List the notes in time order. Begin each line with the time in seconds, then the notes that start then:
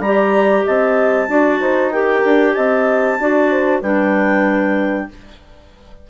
0.00 G3 G4 A#5
0.06 D5
0.67 C4 D#5 A5
1.29 D4 F#4 D5
1.61 D#4 C5
1.92 G4 A#4 G5
2.25 D4
2.54 C4 D#5 A5
3.20 D4 F#4 D5
3.51 C5
3.82 G3 D4 B4 G5